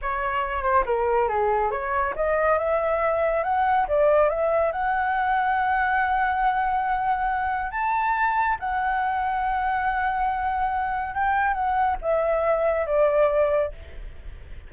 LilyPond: \new Staff \with { instrumentName = "flute" } { \time 4/4 \tempo 4 = 140 cis''4. c''8 ais'4 gis'4 | cis''4 dis''4 e''2 | fis''4 d''4 e''4 fis''4~ | fis''1~ |
fis''2 a''2 | fis''1~ | fis''2 g''4 fis''4 | e''2 d''2 | }